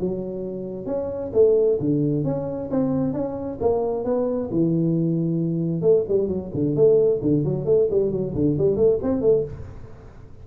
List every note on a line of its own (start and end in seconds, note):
0.00 0.86 F#3
0.86 1.31 C#4
1.33 1.78 A3
1.80 2.25 D3
2.25 2.70 C#4
2.70 3.14 C4
3.14 3.59 C#4
3.60 4.05 A#3
4.05 4.50 B3
4.51 5.82 E3
5.82 6.04 A3
6.08 6.28 G3
6.28 6.51 F#3
6.54 6.75 D3
6.75 7.21 A3
7.22 7.44 D3
7.44 7.65 F#3
7.65 7.88 A3
7.91 8.12 G3
8.12 8.35 F#3
8.35 8.57 D3
8.58 8.76 G3
8.76 8.99 A3
9.03 9.21 C4
9.21 9.44 A3